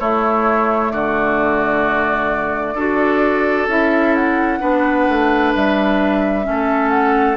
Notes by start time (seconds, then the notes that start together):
0.00 A3 E4 C#5
0.92 D3 F#4 D5
2.74 D4 F#4 A4
3.68 C#4 E4 E5
4.15 F#5
4.60 B3 D4 B4
5.09 A3
5.55 G3 E5
6.44 A3 C#4
6.50 A4
6.90 F#5